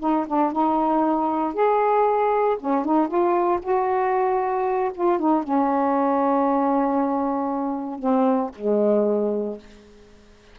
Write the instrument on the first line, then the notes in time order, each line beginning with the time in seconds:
saxophone
0.00 D#4
0.27 D4
0.52 D#4
1.54 G#4
2.60 C#4
2.85 D#4
3.08 F4
3.62 F#4
4.95 F4
5.19 D#4
5.43 C#4
7.99 C4
8.55 G#3